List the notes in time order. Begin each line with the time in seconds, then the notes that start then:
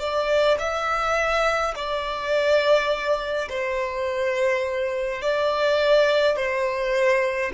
0.00 D5
0.59 E5
1.76 D5
3.49 C5
5.22 D5
6.37 C5